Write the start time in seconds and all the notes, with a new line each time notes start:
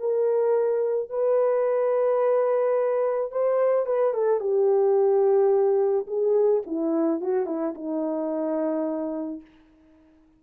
0.00 A#4
1.10 B4
3.32 C5
3.87 B4
4.14 A4
4.40 G4
6.07 G#4
6.67 E4
7.21 F#4
7.47 E4
7.75 D#4